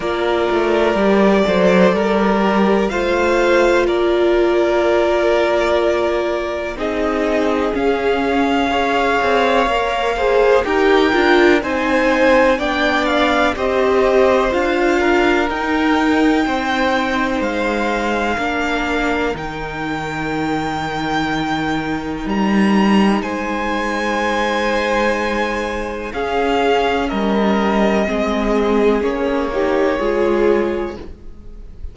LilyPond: <<
  \new Staff \with { instrumentName = "violin" } { \time 4/4 \tempo 4 = 62 d''2. f''4 | d''2. dis''4 | f''2. g''4 | gis''4 g''8 f''8 dis''4 f''4 |
g''2 f''2 | g''2. ais''4 | gis''2. f''4 | dis''2 cis''2 | }
  \new Staff \with { instrumentName = "violin" } { \time 4/4 ais'4. c''8 ais'4 c''4 | ais'2. gis'4~ | gis'4 cis''4. c''8 ais'4 | c''4 d''4 c''4. ais'8~ |
ais'4 c''2 ais'4~ | ais'1 | c''2. gis'4 | ais'4 gis'4. g'8 gis'4 | }
  \new Staff \with { instrumentName = "viola" } { \time 4/4 f'4 g'8 a'4 g'8 f'4~ | f'2. dis'4 | cis'4 gis'4 ais'8 gis'8 g'8 f'8 | dis'4 d'4 g'4 f'4 |
dis'2. d'4 | dis'1~ | dis'2. cis'4~ | cis'4 c'4 cis'8 dis'8 f'4 | }
  \new Staff \with { instrumentName = "cello" } { \time 4/4 ais8 a8 g8 fis8 g4 a4 | ais2. c'4 | cis'4. c'8 ais4 dis'8 d'8 | c'4 b4 c'4 d'4 |
dis'4 c'4 gis4 ais4 | dis2. g4 | gis2. cis'4 | g4 gis4 ais4 gis4 | }
>>